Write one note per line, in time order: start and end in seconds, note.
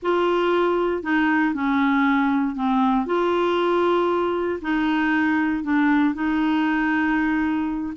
0.02 1.03 F4
1.03 1.53 D#4
1.53 2.55 C#4
2.55 3.06 C4
3.06 4.60 F4
4.61 5.63 D#4
5.63 6.14 D4
6.14 7.93 D#4